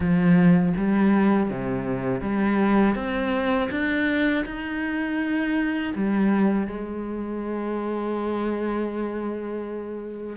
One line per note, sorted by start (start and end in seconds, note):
0.00 0.73 F3
0.76 1.50 G3
1.50 2.21 C3
2.21 2.95 G3
2.95 3.69 C4
3.70 4.44 D4
4.45 5.93 D#4
5.95 6.67 G3
6.67 10.36 G#3